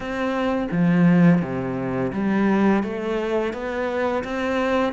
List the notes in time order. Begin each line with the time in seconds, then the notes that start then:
0.00 C4
0.71 F3
1.41 C3
2.12 G3
2.83 A3
3.53 B3
4.24 C4